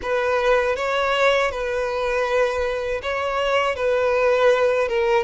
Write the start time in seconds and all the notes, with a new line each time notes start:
0.01 B4
0.76 C#5
1.51 B4
3.02 C#5
3.75 B4
4.88 A#4